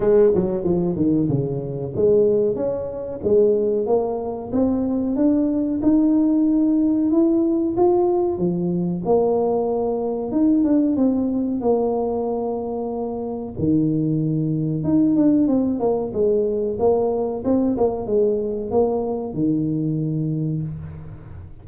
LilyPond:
\new Staff \with { instrumentName = "tuba" } { \time 4/4 \tempo 4 = 93 gis8 fis8 f8 dis8 cis4 gis4 | cis'4 gis4 ais4 c'4 | d'4 dis'2 e'4 | f'4 f4 ais2 |
dis'8 d'8 c'4 ais2~ | ais4 dis2 dis'8 d'8 | c'8 ais8 gis4 ais4 c'8 ais8 | gis4 ais4 dis2 | }